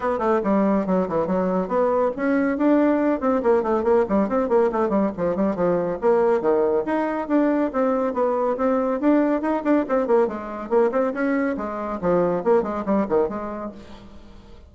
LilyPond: \new Staff \with { instrumentName = "bassoon" } { \time 4/4 \tempo 4 = 140 b8 a8 g4 fis8 e8 fis4 | b4 cis'4 d'4. c'8 | ais8 a8 ais8 g8 c'8 ais8 a8 g8 | f8 g8 f4 ais4 dis4 |
dis'4 d'4 c'4 b4 | c'4 d'4 dis'8 d'8 c'8 ais8 | gis4 ais8 c'8 cis'4 gis4 | f4 ais8 gis8 g8 dis8 gis4 | }